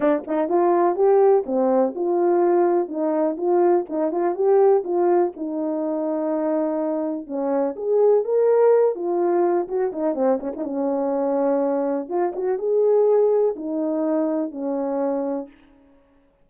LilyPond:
\new Staff \with { instrumentName = "horn" } { \time 4/4 \tempo 4 = 124 d'8 dis'8 f'4 g'4 c'4 | f'2 dis'4 f'4 | dis'8 f'8 g'4 f'4 dis'4~ | dis'2. cis'4 |
gis'4 ais'4. f'4. | fis'8 dis'8 c'8 cis'16 dis'16 cis'2~ | cis'4 f'8 fis'8 gis'2 | dis'2 cis'2 | }